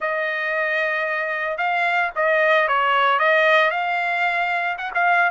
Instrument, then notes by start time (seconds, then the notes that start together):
trumpet
0.00 D#5
1.57 F5
2.15 D#5
2.67 C#5
3.19 D#5
3.70 F5
4.78 F#5
4.94 F5